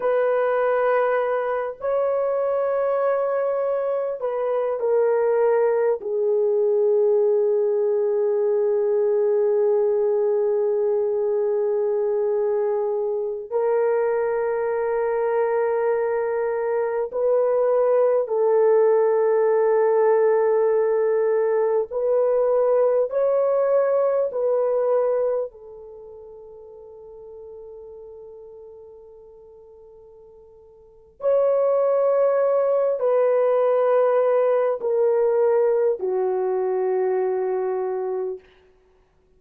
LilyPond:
\new Staff \with { instrumentName = "horn" } { \time 4/4 \tempo 4 = 50 b'4. cis''2 b'8 | ais'4 gis'2.~ | gis'2.~ gis'16 ais'8.~ | ais'2~ ais'16 b'4 a'8.~ |
a'2~ a'16 b'4 cis''8.~ | cis''16 b'4 a'2~ a'8.~ | a'2 cis''4. b'8~ | b'4 ais'4 fis'2 | }